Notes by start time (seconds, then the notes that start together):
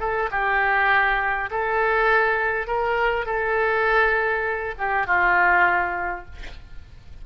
0.00 A4
0.31 G4
1.51 A4
2.67 A#4
3.26 A4
4.78 G4
5.07 F4